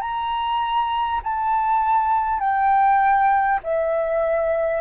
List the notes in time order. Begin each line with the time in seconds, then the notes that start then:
0.00 A#5
1.23 A5
2.39 G5
3.63 E5